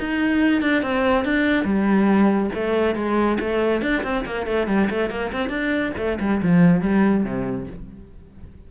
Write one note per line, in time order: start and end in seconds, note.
0.00 0.62 D#4
0.62 0.83 D4
0.83 1.25 C4
1.25 1.65 D4
1.65 2.50 G3
2.55 2.96 A3
2.96 3.38 G#3
3.40 3.82 A3
3.82 4.03 D4
4.03 4.25 C4
4.25 4.47 A#3
4.47 4.68 A3
4.68 4.89 G3
4.90 5.10 A3
5.10 5.32 A#3
5.33 5.50 C4
5.50 5.92 D4
5.98 6.19 A3
6.20 6.42 G3
6.43 6.81 F3
6.81 7.24 G3
7.24 7.67 C3